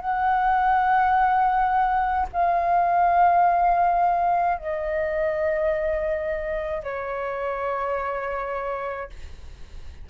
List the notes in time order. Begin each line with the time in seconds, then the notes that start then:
0.00 F#5
2.33 F5
4.57 D#5
6.83 C#5